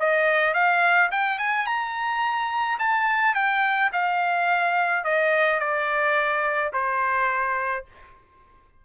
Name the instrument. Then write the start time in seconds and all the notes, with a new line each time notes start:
trumpet
0.00 D#5
0.54 F5
1.11 G5
1.39 G#5
1.66 A#5
2.79 A5
3.35 G5
3.93 F5
5.04 D#5
5.60 D5
6.73 C5